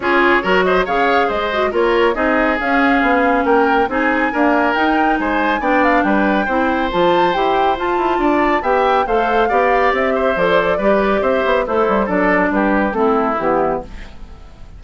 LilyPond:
<<
  \new Staff \with { instrumentName = "flute" } { \time 4/4 \tempo 4 = 139 cis''4. dis''8 f''4 dis''4 | cis''4 dis''4 f''2 | g''4 gis''2 g''4 | gis''4 g''8 f''8 g''2 |
a''4 g''4 a''2 | g''4 f''2 e''4 | d''2 e''4 c''4 | d''4 b'4 a'4 g'4 | }
  \new Staff \with { instrumentName = "oboe" } { \time 4/4 gis'4 ais'8 c''8 cis''4 c''4 | ais'4 gis'2. | ais'4 gis'4 ais'2 | c''4 d''4 b'4 c''4~ |
c''2. d''4 | e''4 c''4 d''4. c''8~ | c''4 b'4 c''4 e'4 | a'4 g'4 e'2 | }
  \new Staff \with { instrumentName = "clarinet" } { \time 4/4 f'4 fis'4 gis'4. fis'8 | f'4 dis'4 cis'2~ | cis'4 dis'4 ais4 dis'4~ | dis'4 d'2 e'4 |
f'4 g'4 f'2 | g'4 a'4 g'2 | a'4 g'2 a'4 | d'2 c'4 b4 | }
  \new Staff \with { instrumentName = "bassoon" } { \time 4/4 cis'4 fis4 cis4 gis4 | ais4 c'4 cis'4 b4 | ais4 c'4 d'4 dis'4 | gis4 b4 g4 c'4 |
f4 e'4 f'8 e'8 d'4 | b4 a4 b4 c'4 | f4 g4 c'8 b8 a8 g8 | fis4 g4 a4 e4 | }
>>